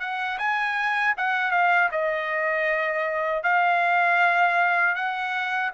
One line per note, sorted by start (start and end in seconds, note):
0.00 0.38 F#5
0.38 1.14 G#5
1.17 1.51 F#5
1.51 1.89 F5
1.91 3.43 D#5
3.43 4.95 F5
4.95 5.71 F#5